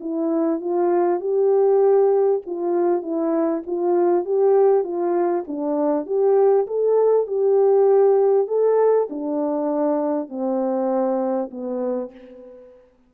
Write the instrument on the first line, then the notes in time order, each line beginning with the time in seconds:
horn
0.00 E4
0.60 F4
1.20 G4
2.46 F4
3.02 E4
3.66 F4
4.25 G4
4.83 F4
5.47 D4
6.06 G4
6.67 A4
7.26 G4
8.47 A4
9.09 D4
10.29 C4
11.50 B3